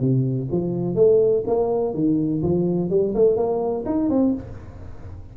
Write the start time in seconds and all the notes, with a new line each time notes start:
0.00 C3
0.51 F3
0.95 A3
1.47 A#3
1.94 D#3
2.42 F3
2.90 G3
3.14 A3
3.36 A#3
3.85 D#4
4.10 C4